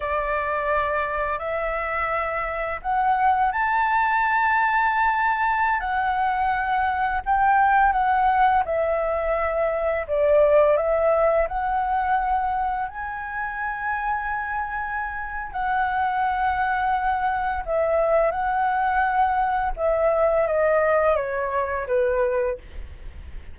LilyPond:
\new Staff \with { instrumentName = "flute" } { \time 4/4 \tempo 4 = 85 d''2 e''2 | fis''4 a''2.~ | a''16 fis''2 g''4 fis''8.~ | fis''16 e''2 d''4 e''8.~ |
e''16 fis''2 gis''4.~ gis''16~ | gis''2 fis''2~ | fis''4 e''4 fis''2 | e''4 dis''4 cis''4 b'4 | }